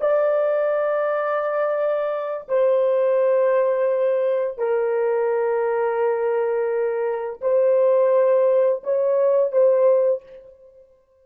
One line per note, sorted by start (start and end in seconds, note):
0.00 2.47 D5
2.48 4.58 C5
4.58 7.40 A#4
7.41 8.82 C5
8.83 9.52 C#5
9.52 10.23 C5